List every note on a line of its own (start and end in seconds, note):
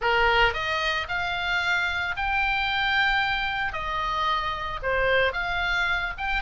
0.01 0.53 A#4
0.53 1.07 D#5
1.08 2.15 F5
2.16 3.73 G5
3.73 4.80 D#5
4.82 5.33 C5
5.33 6.13 F5
6.17 6.42 G5